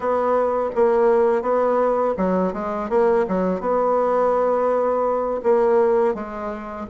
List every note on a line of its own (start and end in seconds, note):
0.00 0.69 B3
0.75 1.42 A#3
1.42 2.14 B3
2.17 2.53 F#3
2.53 2.89 G#3
2.89 3.25 A#3
3.27 3.60 F#3
3.60 5.41 B3
5.42 6.14 A#3
6.14 6.86 G#3